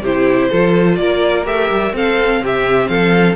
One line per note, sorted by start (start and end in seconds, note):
0.00 0.48 C3
0.00 0.51 E4
0.00 0.49 G4
0.00 0.95 C5
0.49 0.99 F3
0.49 1.44 F4
0.49 0.97 A4
0.95 1.46 A#3
0.95 1.95 A#4
0.95 1.43 D5
1.44 1.70 A3
1.44 1.92 G4
1.44 1.94 E5
1.70 1.93 G3
1.93 2.40 C4
1.93 3.35 C4
1.93 2.42 A4
1.93 2.44 F5
2.40 2.88 C3
2.40 2.89 G4
2.40 2.87 E5
2.87 3.35 F3
2.87 3.35 A4
2.87 3.35 F5